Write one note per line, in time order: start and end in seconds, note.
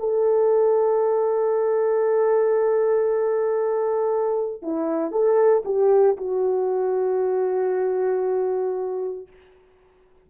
0.00 4.63 A4
4.63 5.12 E4
5.12 5.63 A4
5.65 6.17 G4
6.17 9.28 F#4